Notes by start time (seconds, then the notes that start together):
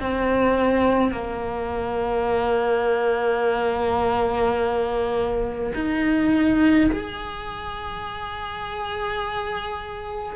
0.00 C4
1.12 A#3
5.75 D#4
6.91 G#4